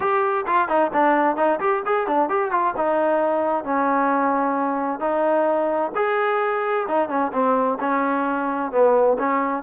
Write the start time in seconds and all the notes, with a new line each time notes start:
0.00 G4
0.46 F4
0.68 D#4
0.93 D4
1.36 D#4
1.59 G4
1.85 G#4
2.07 D4
2.29 G4
2.51 F4
2.76 D#4
3.64 C#4
5.00 D#4
5.95 G#4
6.87 D#4
7.08 C#4
7.32 C4
7.80 C#4
8.71 B3
9.18 C#4